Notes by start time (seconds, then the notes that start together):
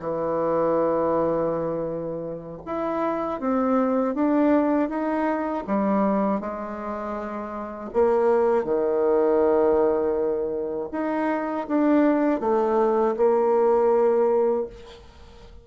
0.00 E3
2.66 E4
3.41 C4
4.15 D4
4.89 D#4
5.68 G3
6.41 G#3
7.94 A#3
8.65 D#3
10.93 D#4
11.68 D4
12.41 A3
13.17 A#3